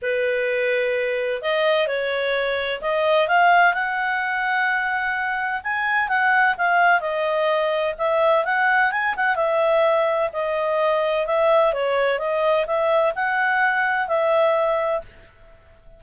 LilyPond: \new Staff \with { instrumentName = "clarinet" } { \time 4/4 \tempo 4 = 128 b'2. dis''4 | cis''2 dis''4 f''4 | fis''1 | gis''4 fis''4 f''4 dis''4~ |
dis''4 e''4 fis''4 gis''8 fis''8 | e''2 dis''2 | e''4 cis''4 dis''4 e''4 | fis''2 e''2 | }